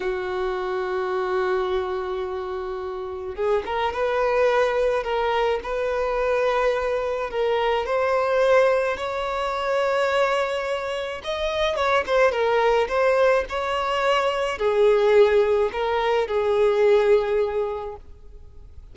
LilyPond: \new Staff \with { instrumentName = "violin" } { \time 4/4 \tempo 4 = 107 fis'1~ | fis'2 gis'8 ais'8 b'4~ | b'4 ais'4 b'2~ | b'4 ais'4 c''2 |
cis''1 | dis''4 cis''8 c''8 ais'4 c''4 | cis''2 gis'2 | ais'4 gis'2. | }